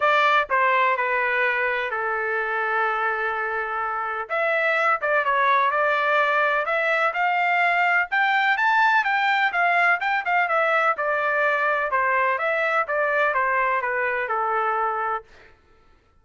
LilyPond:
\new Staff \with { instrumentName = "trumpet" } { \time 4/4 \tempo 4 = 126 d''4 c''4 b'2 | a'1~ | a'4 e''4. d''8 cis''4 | d''2 e''4 f''4~ |
f''4 g''4 a''4 g''4 | f''4 g''8 f''8 e''4 d''4~ | d''4 c''4 e''4 d''4 | c''4 b'4 a'2 | }